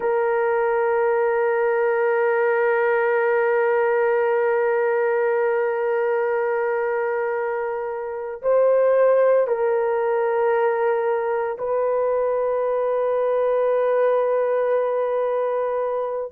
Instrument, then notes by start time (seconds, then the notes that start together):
horn
0.00 A#4
8.42 C5
9.47 A#4
11.58 B4